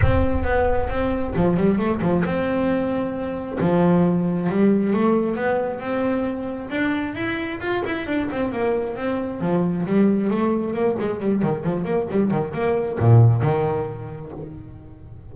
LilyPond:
\new Staff \with { instrumentName = "double bass" } { \time 4/4 \tempo 4 = 134 c'4 b4 c'4 f8 g8 | a8 f8 c'2. | f2 g4 a4 | b4 c'2 d'4 |
e'4 f'8 e'8 d'8 c'8 ais4 | c'4 f4 g4 a4 | ais8 gis8 g8 dis8 f8 ais8 g8 dis8 | ais4 ais,4 dis2 | }